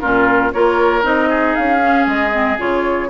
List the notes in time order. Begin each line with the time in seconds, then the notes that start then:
0.00 A#2 C#4 F4 A#4
0.52 A#3 F4 A#4 C#5
1.02 C4 D#4 D#5
1.29 G#4
1.55 C#4 F5
1.79 C#4
2.06 G#3 D#5
2.31 C4
2.58 C#3 F4 C#5